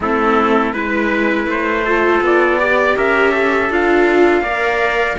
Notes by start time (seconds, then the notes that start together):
0.00 A3 C4 E4 A4
0.73 G#3 E4 B4
1.46 A3 C5
1.85 F4 A4
2.21 B3 D5
2.58 G4 D5
2.96 C#4 A#4 E5
3.31 A4
3.69 D4 F4 F5
4.41 A#3 A#4 D5